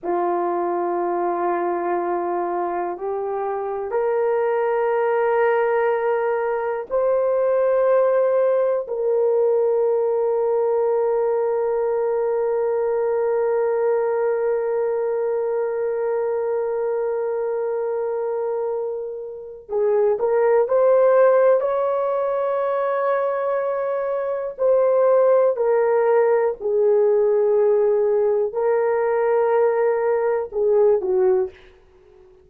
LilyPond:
\new Staff \with { instrumentName = "horn" } { \time 4/4 \tempo 4 = 61 f'2. g'4 | ais'2. c''4~ | c''4 ais'2.~ | ais'1~ |
ais'1 | gis'8 ais'8 c''4 cis''2~ | cis''4 c''4 ais'4 gis'4~ | gis'4 ais'2 gis'8 fis'8 | }